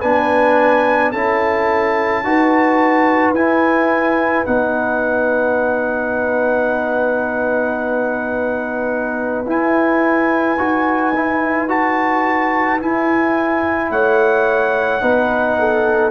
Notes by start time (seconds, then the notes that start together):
0.00 B3 D4 B4 G#5
1.12 C#4 E4 A4 A5
2.23 D#4 F#4 B4
3.32 E4 G#5
4.45 B3 D#4 F#5
9.46 E4 G#5
10.58 D#4 F#4
11.15 E4
11.68 F#4 A5
12.80 E4 G#5
13.90 A3 C#5 F#5
15.01 B3 D#4 B4
15.59 A4